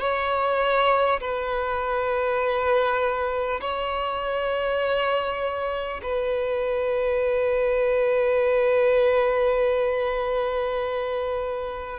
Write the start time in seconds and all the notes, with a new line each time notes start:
0.00 C#5
1.20 B4
3.61 C#5
6.03 B4